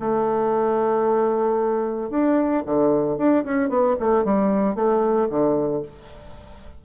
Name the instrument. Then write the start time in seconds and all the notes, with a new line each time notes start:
bassoon
0.00 A3
2.10 D4
2.66 D3
3.18 D4
3.45 C#4
3.70 B3
4.00 A3
4.25 G3
4.75 A3
5.30 D3